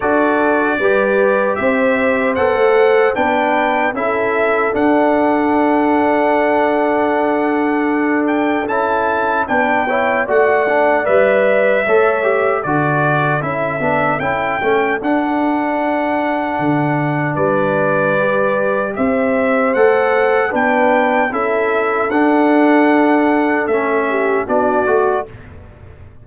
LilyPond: <<
  \new Staff \with { instrumentName = "trumpet" } { \time 4/4 \tempo 4 = 76 d''2 e''4 fis''4 | g''4 e''4 fis''2~ | fis''2~ fis''8 g''8 a''4 | g''4 fis''4 e''2 |
d''4 e''4 g''4 fis''4~ | fis''2 d''2 | e''4 fis''4 g''4 e''4 | fis''2 e''4 d''4 | }
  \new Staff \with { instrumentName = "horn" } { \time 4/4 a'4 b'4 c''2 | b'4 a'2.~ | a'1 | b'8 cis''8 d''2 cis''4 |
a'1~ | a'2 b'2 | c''2 b'4 a'4~ | a'2~ a'8 g'8 fis'4 | }
  \new Staff \with { instrumentName = "trombone" } { \time 4/4 fis'4 g'2 a'4 | d'4 e'4 d'2~ | d'2. e'4 | d'8 e'8 fis'8 d'8 b'4 a'8 g'8 |
fis'4 e'8 d'8 e'8 cis'8 d'4~ | d'2. g'4~ | g'4 a'4 d'4 e'4 | d'2 cis'4 d'8 fis'8 | }
  \new Staff \with { instrumentName = "tuba" } { \time 4/4 d'4 g4 c'4 b16 a8. | b4 cis'4 d'2~ | d'2. cis'4 | b4 a4 g4 a4 |
d4 cis'8 b8 cis'8 a8 d'4~ | d'4 d4 g2 | c'4 a4 b4 cis'4 | d'2 a4 b8 a8 | }
>>